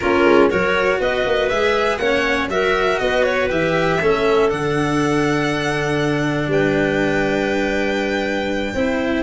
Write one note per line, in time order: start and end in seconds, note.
0.00 0.24 A#3
0.00 0.50 C#4
0.00 0.49 F4
0.00 0.49 A#4
0.24 0.49 G#3
0.49 0.99 F#3
0.49 1.50 F#4
0.49 0.99 A#4
0.49 1.00 C#5
0.99 1.24 B3
0.99 2.00 B4
0.99 1.48 D#5
1.26 1.50 A#3
1.48 1.98 G#3
1.48 2.00 G#4
1.48 1.97 E5
1.97 2.48 A#3
1.97 2.50 C#4
1.97 2.50 C#5
1.97 2.47 F#5
2.48 2.98 F#3
2.48 3.49 F#4
2.48 3.01 A#4
2.48 2.99 E5
2.99 3.50 B3
2.99 4.00 B4
2.99 3.23 D#5
3.23 3.48 C#5
3.49 4.01 E3
3.49 3.99 G4
3.49 4.50 E5
4.00 4.51 A3
4.00 4.49 C#4
4.00 6.50 A4
4.49 6.47 D3
4.49 8.74 D4
4.49 6.50 F#5
6.47 8.72 G3
6.47 8.74 B4
6.47 9.22 G5
8.74 9.22 C4
8.74 9.22 E4
8.74 9.22 C5